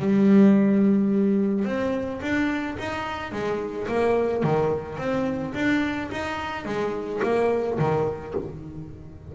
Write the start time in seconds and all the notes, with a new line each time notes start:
0.00 G3
1.65 C4
2.22 D4
2.79 D#4
3.32 G#3
3.89 A#3
4.44 D#3
4.98 C4
5.55 D4
6.12 D#4
6.66 G#3
7.23 A#3
7.79 D#3